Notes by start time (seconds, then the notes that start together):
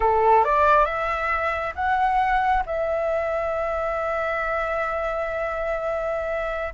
0.00 A4
0.44 D5
0.85 E5
1.75 F#5
2.66 E5